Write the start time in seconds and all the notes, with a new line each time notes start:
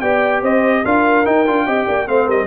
0.00 B3 G4 D5 G5
0.42 C4 C5 D#5
0.84 D4 F4 A#4 F5
1.25 D#4 G5
1.46 D4 F4
1.65 C4 G4 D#5
1.86 A#3 D5
2.06 A3 C4 C5 F5
2.25 G3 A#4 D#5